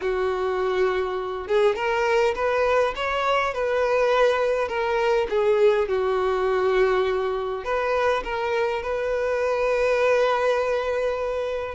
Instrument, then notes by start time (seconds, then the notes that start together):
violin
0.01 F#4
1.47 G#4
1.75 A#4
2.35 B4
2.95 C#5
3.54 B4
4.68 A#4
5.29 G#4
5.88 F#4
7.64 B4
8.24 A#4
8.82 B4